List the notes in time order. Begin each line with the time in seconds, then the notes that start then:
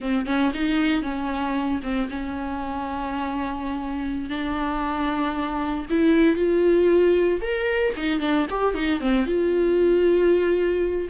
0.00 C4
0.26 C#4
0.54 D#4
1.02 C#4
1.82 C4
2.09 C#4
4.29 D4
5.90 E4
6.36 F4
7.41 A#4
7.96 D#4
8.20 D4
8.49 G4
8.74 D#4
9.00 C4
9.26 F4